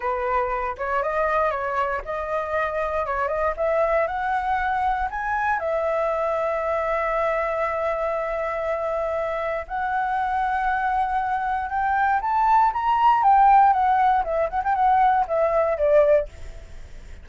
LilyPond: \new Staff \with { instrumentName = "flute" } { \time 4/4 \tempo 4 = 118 b'4. cis''8 dis''4 cis''4 | dis''2 cis''8 dis''8 e''4 | fis''2 gis''4 e''4~ | e''1~ |
e''2. fis''4~ | fis''2. g''4 | a''4 ais''4 g''4 fis''4 | e''8 fis''16 g''16 fis''4 e''4 d''4 | }